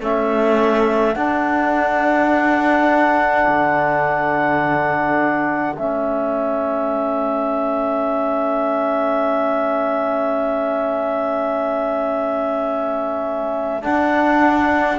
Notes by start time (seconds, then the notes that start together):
0.00 A3 C#4 A4 E5
1.15 D4 F#5
3.49 D3
5.77 A3 C#4 E5
13.82 D4 F#5